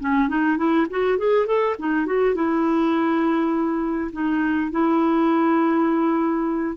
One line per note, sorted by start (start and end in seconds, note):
0.00 0.28 C#4
0.28 0.57 D#4
0.57 0.87 E4
0.90 1.18 F#4
1.18 1.46 G#4
1.46 1.76 A4
1.79 2.06 D#4
2.06 2.35 F#4
2.35 4.11 E4
4.13 4.71 D#4
4.71 6.76 E4